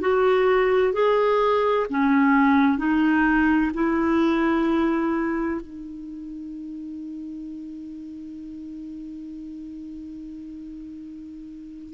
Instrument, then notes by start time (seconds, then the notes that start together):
clarinet
0.00 F#4
0.92 G#4
1.90 C#4
2.77 D#4
3.74 E4
5.61 D#4